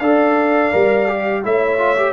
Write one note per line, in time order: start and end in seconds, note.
0.00 0.72 D4
0.00 0.72 A4
0.00 1.43 D5
0.00 1.43 F5
0.72 1.44 G3
0.72 1.08 A#4
1.08 1.43 G4
1.43 2.13 A3
1.43 1.79 E4
1.43 2.13 C#5
1.43 2.13 E5
1.79 1.97 F4
1.97 2.13 G4